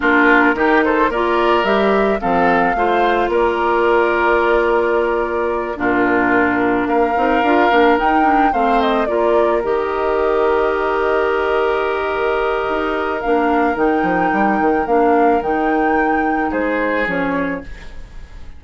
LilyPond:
<<
  \new Staff \with { instrumentName = "flute" } { \time 4/4 \tempo 4 = 109 ais'4. c''8 d''4 e''4 | f''2 d''2~ | d''2~ d''8 ais'4.~ | ais'8 f''2 g''4 f''8 |
dis''8 d''4 dis''2~ dis''8~ | dis''1 | f''4 g''2 f''4 | g''2 c''4 cis''4 | }
  \new Staff \with { instrumentName = "oboe" } { \time 4/4 f'4 g'8 a'8 ais'2 | a'4 c''4 ais'2~ | ais'2~ ais'8 f'4.~ | f'8 ais'2. c''8~ |
c''8 ais'2.~ ais'8~ | ais'1~ | ais'1~ | ais'2 gis'2 | }
  \new Staff \with { instrumentName = "clarinet" } { \time 4/4 d'4 dis'4 f'4 g'4 | c'4 f'2.~ | f'2~ f'8 d'4.~ | d'4 dis'8 f'8 d'8 dis'8 d'8 c'8~ |
c'8 f'4 g'2~ g'8~ | g'1 | d'4 dis'2 d'4 | dis'2. cis'4 | }
  \new Staff \with { instrumentName = "bassoon" } { \time 4/4 ais4 dis4 ais4 g4 | f4 a4 ais2~ | ais2~ ais8 ais,4.~ | ais,8 ais8 c'8 d'8 ais8 dis'4 a8~ |
a8 ais4 dis2~ dis8~ | dis2. dis'4 | ais4 dis8 f8 g8 dis8 ais4 | dis2 gis4 f4 | }
>>